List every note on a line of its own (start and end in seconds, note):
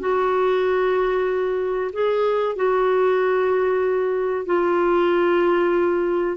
0.00 1.91 F#4
1.93 2.56 G#4
2.56 4.46 F#4
4.46 6.37 F4